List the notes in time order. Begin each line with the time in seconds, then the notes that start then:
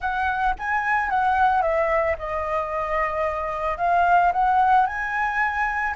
0.00 F#5
0.58 G#5
1.09 F#5
1.62 E5
2.18 D#5
3.77 F5
4.32 F#5
4.86 G#5